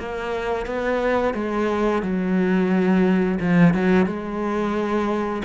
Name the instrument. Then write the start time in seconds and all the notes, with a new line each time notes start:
cello
0.00 A#3
0.66 B3
1.35 G#3
2.03 F#3
3.41 F3
3.75 F#3
4.07 G#3